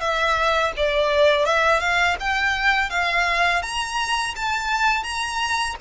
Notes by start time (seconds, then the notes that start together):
0.00 E5
0.77 D5
1.45 E5
1.80 F5
2.19 G5
2.90 F5
3.62 A#5
4.35 A5
5.03 A#5